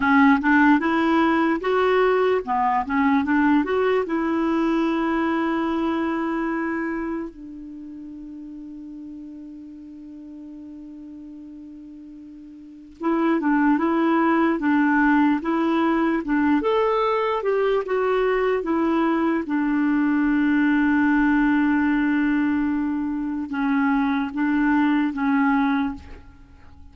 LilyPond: \new Staff \with { instrumentName = "clarinet" } { \time 4/4 \tempo 4 = 74 cis'8 d'8 e'4 fis'4 b8 cis'8 | d'8 fis'8 e'2.~ | e'4 d'2.~ | d'1 |
e'8 d'8 e'4 d'4 e'4 | d'8 a'4 g'8 fis'4 e'4 | d'1~ | d'4 cis'4 d'4 cis'4 | }